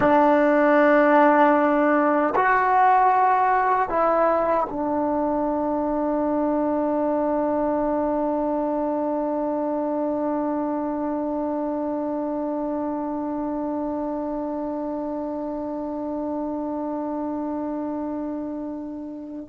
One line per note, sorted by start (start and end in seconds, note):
0.00 2.34 D4
2.36 3.89 F#4
3.89 4.67 E4
4.69 19.48 D4